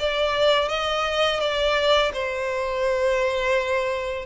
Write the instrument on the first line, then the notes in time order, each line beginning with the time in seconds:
violin
0.00 D5
0.69 D#5
1.41 D5
2.14 C5